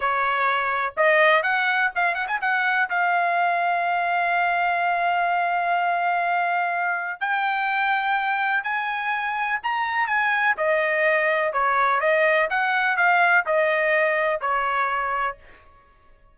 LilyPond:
\new Staff \with { instrumentName = "trumpet" } { \time 4/4 \tempo 4 = 125 cis''2 dis''4 fis''4 | f''8 fis''16 gis''16 fis''4 f''2~ | f''1~ | f''2. g''4~ |
g''2 gis''2 | ais''4 gis''4 dis''2 | cis''4 dis''4 fis''4 f''4 | dis''2 cis''2 | }